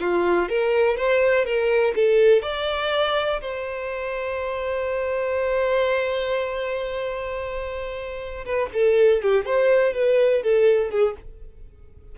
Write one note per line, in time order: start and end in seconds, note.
0.00 0.49 F4
0.49 0.97 A#4
0.97 1.45 C5
1.45 1.94 A#4
1.96 2.42 A4
2.42 3.41 D5
3.41 8.45 C5
8.45 8.70 B4
8.74 9.22 A4
9.22 9.46 G4
9.46 9.94 C5
9.94 10.43 B4
10.43 10.90 A4
10.90 11.15 G#4